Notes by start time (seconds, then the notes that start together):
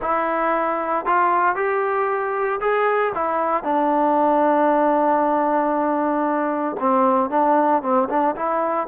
0.01 E4
1.05 F4
1.55 G4
2.60 G#4
3.14 E4
3.63 D4
6.79 C4
7.30 D4
7.82 C4
8.09 D4
8.35 E4